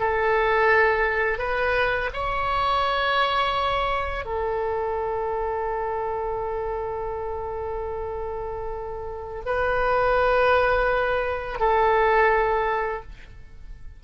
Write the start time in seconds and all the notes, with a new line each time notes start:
0.00 A4
1.39 B4
2.14 C#5
4.26 A4
9.46 B4
11.60 A4